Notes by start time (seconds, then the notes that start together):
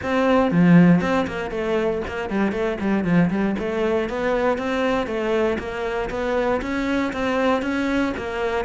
0.03 C4
0.51 F3
1.01 C4
1.27 A#3
1.50 A3
2.07 A#3
2.29 G3
2.52 A3
2.80 G3
3.04 F3
3.30 G3
3.58 A3
4.09 B3
4.58 C4
5.06 A3
5.58 A#3
6.10 B3
6.61 C#4
7.13 C4
7.62 C#4
8.17 A#3